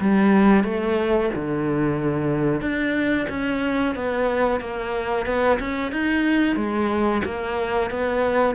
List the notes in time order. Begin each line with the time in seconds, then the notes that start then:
0.00 G3
0.64 A3
1.35 D3
2.61 D4
3.29 C#4
3.95 B3
4.60 A#3
5.26 B3
5.59 C#4
5.92 D#4
6.56 G#3
7.25 A#3
7.90 B3